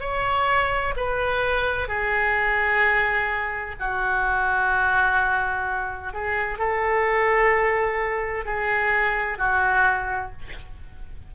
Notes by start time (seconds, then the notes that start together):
0.00 C#5
0.96 B4
1.87 G#4
3.79 F#4
6.13 G#4
6.58 A4
8.45 G#4
9.37 F#4